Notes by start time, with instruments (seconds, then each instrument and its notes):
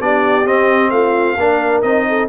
0.00 tuba B3, trombone D4, horn G4, trumpet D5
0.45 tuba C4, trombone C4, trumpet D#5
0.90 tuba A3, horn F4, trumpet F5
1.36 tuba A#3, trombone D4, horn A#4
1.82 tuba C4, trombone D#4, trumpet D#5
2.08 horn A4